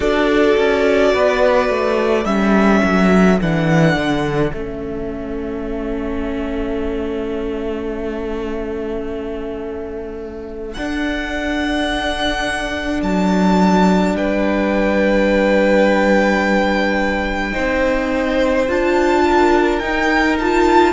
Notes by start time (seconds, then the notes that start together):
0.00 D4 F#4 A4 D5
0.57 C#4
1.13 B3 B4
1.69 A3
2.24 G3 C#4 A4 E5
2.83 F#3
3.41 E3 D4 F#5
3.95 D3
4.52 A3 C#4 E5
10.74 D4 F#5
13.02 F#3 A5
14.13 G3 B4 G5
17.52 C4 D#4 C5
18.67 D4 F4 A5
19.26 A#4
19.79 D#4 G5
20.39 F4 A5